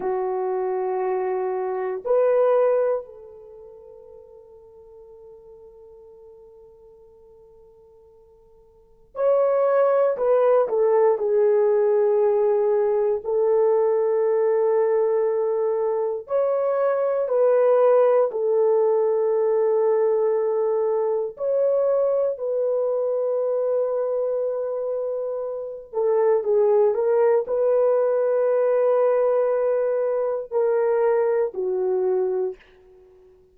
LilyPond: \new Staff \with { instrumentName = "horn" } { \time 4/4 \tempo 4 = 59 fis'2 b'4 a'4~ | a'1~ | a'4 cis''4 b'8 a'8 gis'4~ | gis'4 a'2. |
cis''4 b'4 a'2~ | a'4 cis''4 b'2~ | b'4. a'8 gis'8 ais'8 b'4~ | b'2 ais'4 fis'4 | }